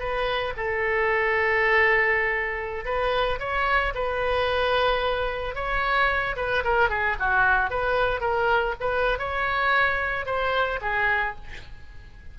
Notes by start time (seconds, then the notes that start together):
0.00 B4
0.57 A4
2.86 B4
3.40 C#5
3.95 B4
5.55 C#5
6.37 B4
6.65 A#4
6.90 G#4
7.20 F#4
7.71 B4
8.21 A#4
8.81 B4
9.19 C#5
10.26 C5
10.82 G#4